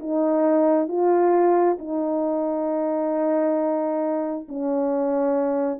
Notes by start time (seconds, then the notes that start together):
0.00 D#4
0.88 F4
1.79 D#4
4.49 C#4